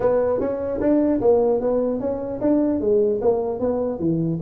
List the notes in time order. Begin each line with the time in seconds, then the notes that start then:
0.00 B3
0.40 C#4
0.80 D4
1.21 A#3
1.60 B3
2.00 C#4
2.40 D4
2.80 G#3
3.21 A#3
3.59 B3
3.99 E3